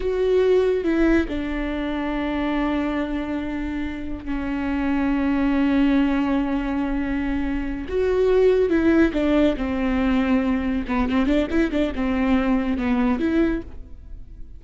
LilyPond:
\new Staff \with { instrumentName = "viola" } { \time 4/4 \tempo 4 = 141 fis'2 e'4 d'4~ | d'1~ | d'2 cis'2~ | cis'1~ |
cis'2~ cis'8 fis'4.~ | fis'8 e'4 d'4 c'4.~ | c'4. b8 c'8 d'8 e'8 d'8 | c'2 b4 e'4 | }